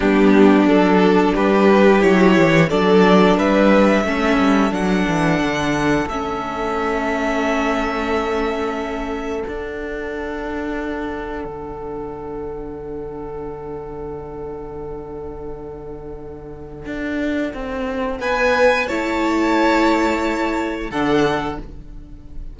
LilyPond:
<<
  \new Staff \with { instrumentName = "violin" } { \time 4/4 \tempo 4 = 89 g'4 a'4 b'4 cis''4 | d''4 e''2 fis''4~ | fis''4 e''2.~ | e''2 fis''2~ |
fis''1~ | fis''1~ | fis''2. gis''4 | a''2. fis''4 | }
  \new Staff \with { instrumentName = "violin" } { \time 4/4 d'2 g'2 | a'4 b'4 a'2~ | a'1~ | a'1~ |
a'1~ | a'1~ | a'2. b'4 | cis''2. a'4 | }
  \new Staff \with { instrumentName = "viola" } { \time 4/4 b4 d'2 e'4 | d'2 cis'4 d'4~ | d'4 cis'2.~ | cis'2 d'2~ |
d'1~ | d'1~ | d'1 | e'2. d'4 | }
  \new Staff \with { instrumentName = "cello" } { \time 4/4 g4 fis4 g4 fis8 e8 | fis4 g4 a8 g8 fis8 e8 | d4 a2.~ | a2 d'2~ |
d'4 d2.~ | d1~ | d4 d'4 c'4 b4 | a2. d4 | }
>>